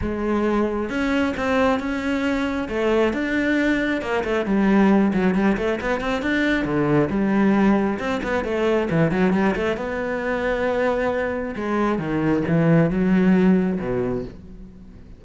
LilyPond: \new Staff \with { instrumentName = "cello" } { \time 4/4 \tempo 4 = 135 gis2 cis'4 c'4 | cis'2 a4 d'4~ | d'4 ais8 a8 g4. fis8 | g8 a8 b8 c'8 d'4 d4 |
g2 c'8 b8 a4 | e8 fis8 g8 a8 b2~ | b2 gis4 dis4 | e4 fis2 b,4 | }